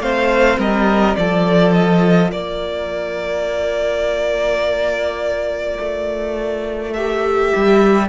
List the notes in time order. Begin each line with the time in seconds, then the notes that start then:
0.00 A3 C4 C5 F5
0.58 G3 A#4 D#5
1.17 F3 F4 A4 D5
1.73 D#5
2.31 A#3 A#4 D5
5.79 A3
6.93 G4 E5
7.56 G3